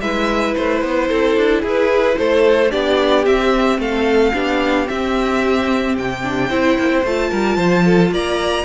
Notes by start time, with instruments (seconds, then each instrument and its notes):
0.00 cello G#3, viola E4, violin B4 E5
0.55 cello A3, violin C5
0.82 cello B3
1.08 cello C4, violin A4
1.36 cello D4
1.61 cello E4, violin G#4 B4
2.18 cello A3, violin A4 C5
2.70 cello B3, viola D4, violin G4 D5
3.25 cello C4, viola C4, violin E5
3.78 cello A3, violin A4 F5
4.33 cello B3, viola D4, violin G4
4.86 viola C4, cello C4, violin E5
5.97 cello C3, violin G5
6.23 viola D4
6.48 cello C4, viola E4, violin C5
6.78 cello A#3
6.89 cello C4
7.04 cello A3, viola F4, violin A5
7.29 cello G3, violin A#4
7.56 cello F3, violin C5
7.84 violin A4
8.10 cello A#3, violin D5 A#5